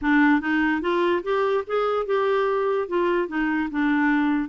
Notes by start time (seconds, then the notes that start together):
0.01 D4
0.40 D#4
0.81 F4
1.23 G4
1.66 G#4
2.06 G4
2.88 F4
3.28 D#4
3.71 D4